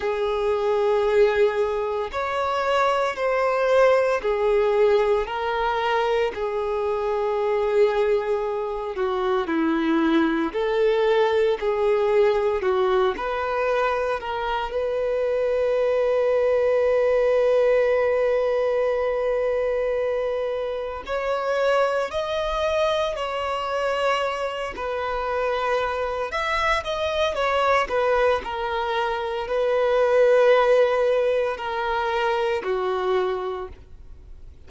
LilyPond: \new Staff \with { instrumentName = "violin" } { \time 4/4 \tempo 4 = 57 gis'2 cis''4 c''4 | gis'4 ais'4 gis'2~ | gis'8 fis'8 e'4 a'4 gis'4 | fis'8 b'4 ais'8 b'2~ |
b'1 | cis''4 dis''4 cis''4. b'8~ | b'4 e''8 dis''8 cis''8 b'8 ais'4 | b'2 ais'4 fis'4 | }